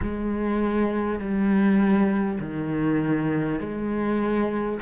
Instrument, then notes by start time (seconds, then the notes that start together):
cello
0.02 G#3
1.19 G3
2.40 D#3
3.59 G#3